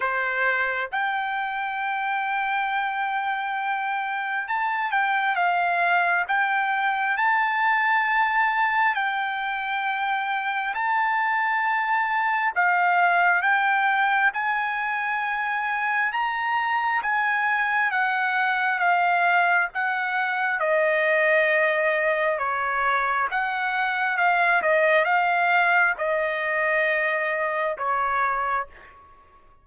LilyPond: \new Staff \with { instrumentName = "trumpet" } { \time 4/4 \tempo 4 = 67 c''4 g''2.~ | g''4 a''8 g''8 f''4 g''4 | a''2 g''2 | a''2 f''4 g''4 |
gis''2 ais''4 gis''4 | fis''4 f''4 fis''4 dis''4~ | dis''4 cis''4 fis''4 f''8 dis''8 | f''4 dis''2 cis''4 | }